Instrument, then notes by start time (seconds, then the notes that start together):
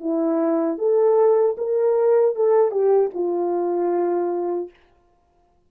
horn
0.00 E4
0.78 A4
1.57 A#4
2.35 A4
2.71 G4
3.14 F4